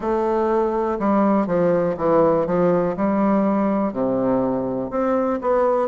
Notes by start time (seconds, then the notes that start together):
0.00 A3
0.99 G3
1.46 F3
1.97 E3
2.46 F3
2.96 G3
3.93 C3
4.90 C4
5.41 B3